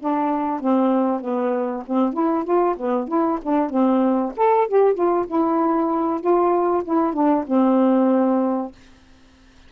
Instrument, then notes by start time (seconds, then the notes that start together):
saxophone
0.00 D4
0.61 C4
1.21 B3
1.87 C4
2.13 E4
2.45 F4
2.77 B3
3.08 E4
3.43 D4
3.70 C4
4.37 A4
4.68 G4
4.94 F4
5.27 E4
6.21 F4
6.84 E4
7.14 D4
7.47 C4